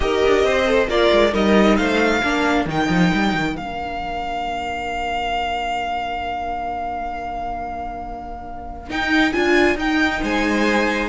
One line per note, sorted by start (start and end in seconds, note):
0.00 0.22 D#4
0.00 0.65 G4
0.00 0.45 A#4
0.00 0.87 D#5
0.25 0.43 D4
0.43 0.87 C4
0.43 0.89 C5
0.65 0.88 A4
0.88 1.11 A#3
0.88 1.31 F4
0.88 1.32 A#4
0.88 1.34 D5
1.11 1.33 G#3
1.31 1.77 G3
1.31 2.21 D#4
1.31 1.75 A#4
1.31 1.76 D#5
1.76 2.22 A3
1.76 2.22 C5
1.76 2.65 F5
2.22 2.65 A#3
2.22 2.68 D4
2.22 10.21 A#4
2.65 2.87 D#3
2.65 3.57 D#4
2.65 3.56 G5
2.89 3.11 F3
3.13 3.34 G3
3.34 3.56 D#3
3.56 8.89 A#3
3.56 8.89 D4
3.56 8.89 F5
8.89 9.34 D#4
8.89 9.33 D#4
8.89 9.32 G5
9.32 9.75 D4
9.32 9.77 F4
9.32 9.76 G#5
9.75 10.20 D#4
9.75 11.09 D#4
9.75 10.23 G5
10.21 11.09 G#3
10.21 11.09 C5
10.21 11.09 G#5